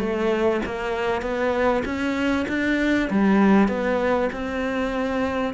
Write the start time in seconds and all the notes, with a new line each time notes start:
0.00 A3
0.66 A#3
1.22 B3
1.85 C#4
2.49 D4
3.11 G3
3.69 B3
4.33 C4